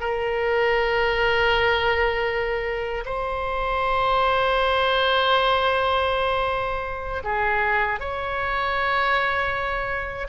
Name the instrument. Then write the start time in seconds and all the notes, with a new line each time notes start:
oboe
0.00 A#4
3.05 C5
7.24 G#4
7.99 C#5